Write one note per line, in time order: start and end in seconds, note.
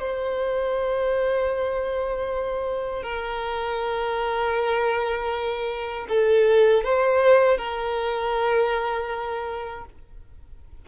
0.00 3.03 C5
3.03 6.07 A#4
6.09 6.84 A4
6.84 7.58 C5
7.58 9.86 A#4